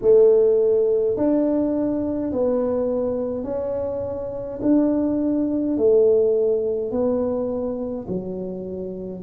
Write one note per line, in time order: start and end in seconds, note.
0.01 1.16 A3
1.16 2.32 D4
2.32 3.44 B3
3.44 4.59 C#4
4.62 5.77 D4
5.77 6.91 A3
6.91 8.06 B3
8.08 9.23 F#3